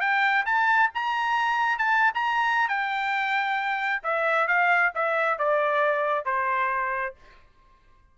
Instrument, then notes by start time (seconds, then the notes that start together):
trumpet
0.00 G5
0.45 A5
0.94 A#5
1.78 A5
2.14 A#5
2.68 G5
4.03 E5
4.47 F5
4.95 E5
5.38 D5
6.25 C5